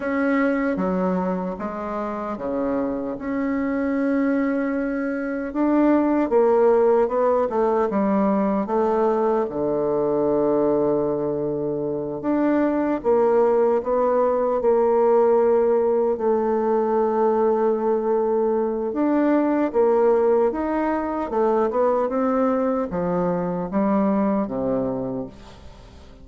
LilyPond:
\new Staff \with { instrumentName = "bassoon" } { \time 4/4 \tempo 4 = 76 cis'4 fis4 gis4 cis4 | cis'2. d'4 | ais4 b8 a8 g4 a4 | d2.~ d8 d'8~ |
d'8 ais4 b4 ais4.~ | ais8 a2.~ a8 | d'4 ais4 dis'4 a8 b8 | c'4 f4 g4 c4 | }